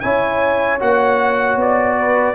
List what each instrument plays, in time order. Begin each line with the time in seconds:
0.00 tuba C#4, trombone E4, horn C#5, trumpet G#5
0.79 tuba A#3, trombone F#4, trumpet F#5
1.56 tuba B3, trumpet D5
1.99 horn B4